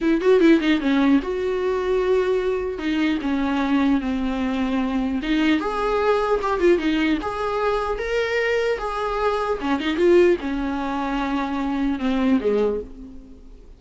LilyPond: \new Staff \with { instrumentName = "viola" } { \time 4/4 \tempo 4 = 150 e'8 fis'8 e'8 dis'8 cis'4 fis'4~ | fis'2. dis'4 | cis'2 c'2~ | c'4 dis'4 gis'2 |
g'8 f'8 dis'4 gis'2 | ais'2 gis'2 | cis'8 dis'8 f'4 cis'2~ | cis'2 c'4 gis4 | }